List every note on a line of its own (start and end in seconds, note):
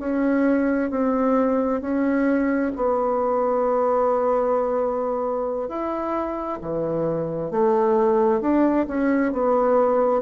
0.00 0.91 C#4
0.91 1.81 C4
1.81 2.72 C#4
2.76 5.69 B3
5.69 6.60 E4
6.62 7.51 E3
7.51 8.41 A3
8.41 8.86 D4
8.88 9.32 C#4
9.32 10.22 B3